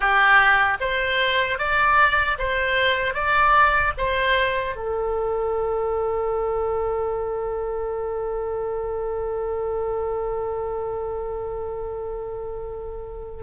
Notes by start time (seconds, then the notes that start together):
0.00 G4
0.80 C5
1.58 D5
2.38 C5
3.14 D5
3.97 C5
4.75 A4